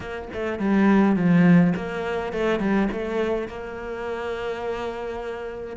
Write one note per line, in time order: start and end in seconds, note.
0.00 0.28 A#3
0.33 0.59 A3
0.59 1.15 G3
1.15 1.73 F3
1.75 2.33 A#3
2.33 2.59 A3
2.59 2.88 G3
2.91 3.47 A3
3.47 5.76 A#3